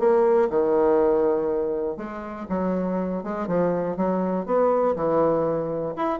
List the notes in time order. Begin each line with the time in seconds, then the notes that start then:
0.00 A#3
0.50 D#3
1.97 G#3
2.50 F#3
3.24 G#3
3.48 F3
3.97 F#3
4.47 B3
4.97 E3
5.97 E4